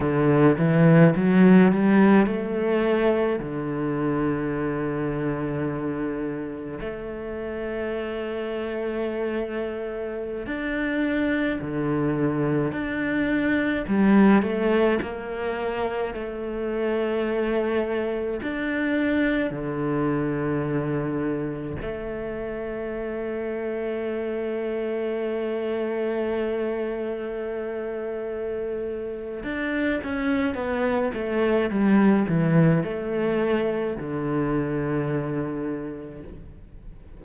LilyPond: \new Staff \with { instrumentName = "cello" } { \time 4/4 \tempo 4 = 53 d8 e8 fis8 g8 a4 d4~ | d2 a2~ | a4~ a16 d'4 d4 d'8.~ | d'16 g8 a8 ais4 a4.~ a16~ |
a16 d'4 d2 a8.~ | a1~ | a2 d'8 cis'8 b8 a8 | g8 e8 a4 d2 | }